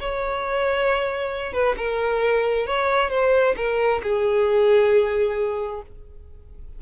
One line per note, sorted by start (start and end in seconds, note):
0.00 1.53 C#5
1.53 1.76 B4
1.77 2.67 A#4
2.67 3.10 C#5
3.10 3.55 C5
3.57 4.01 A#4
4.03 5.82 G#4